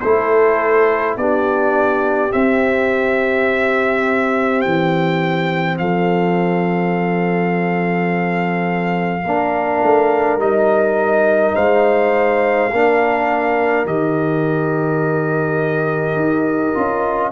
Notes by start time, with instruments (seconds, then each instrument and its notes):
0.00 tuba A3, trombone E4, horn A4, trumpet C5
1.16 tuba B3, trombone D4, horn G4, trumpet D5
2.29 trombone C4, tuba C4, trumpet E5
4.61 tuba E3, trumpet G5
5.78 tuba F3, horn A4, trumpet F5
9.24 tuba A#3, trombone D4, horn A#4
9.83 tuba A3
10.37 tuba G3, trombone D#4, trumpet D#5
11.55 tuba G#3, horn C5, trumpet F5
12.71 tuba A#3, trombone D4, horn A#4
13.85 tuba D#3, trombone G4, trumpet D#5
16.15 tuba D#4
16.74 tuba C#4, trombone F4